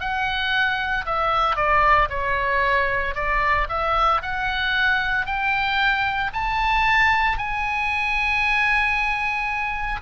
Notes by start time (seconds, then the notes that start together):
0.00 F#5
1.05 E5
1.56 D5
2.10 C#5
3.15 D5
3.69 E5
4.22 F#5
5.26 G5
6.33 A5
7.37 G#5